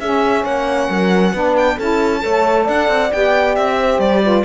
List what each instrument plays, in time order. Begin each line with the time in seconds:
0.00 cello C#4, saxophone C#4, horn G#4, violin E5
0.44 cello A#3, horn C#5, violin F#5
0.90 cello F#3, horn A#4
1.34 cello B3, saxophone D4, horn B4
1.57 violin G5
1.77 cello C#4, saxophone E4, horn A4, violin A5
2.20 cello A3, saxophone A4, horn C#5
2.64 cello D4, horn D5, violin F#5
2.88 cello C4
3.12 cello B3, saxophone G4, violin G5
3.55 cello C4, violin E5
3.80 horn C5
3.99 cello G3, violin D5
4.23 saxophone F4, horn B4